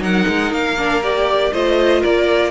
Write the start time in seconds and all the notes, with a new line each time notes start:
0.00 F#3 D#4 A#4 F#5
0.28 G#3
0.52 A#3 F5
0.78 D4
1.03 G4 D5
1.53 A3 F4 C5 D#5
2.01 A#3 A#4 D5